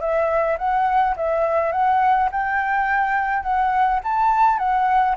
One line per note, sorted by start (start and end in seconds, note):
0.00 0.57 E5
0.58 1.15 F#5
1.16 1.72 E5
1.72 2.29 F#5
2.31 3.43 G5
3.43 4.00 F#5
4.04 4.58 A5
4.58 5.15 F#5